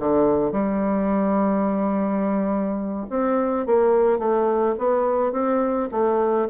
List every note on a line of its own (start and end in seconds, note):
0.00 0.52 D3
0.52 3.07 G3
3.10 3.67 C4
3.67 4.19 A#3
4.19 4.76 A3
4.79 5.33 B3
5.33 5.89 C4
5.92 6.48 A3